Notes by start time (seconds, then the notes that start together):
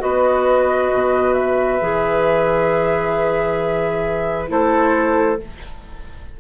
0.00 B3 F#4 B4 D#5
0.93 B2
1.34 E5
1.81 E3 G#4
4.48 A3 E4 A4 C5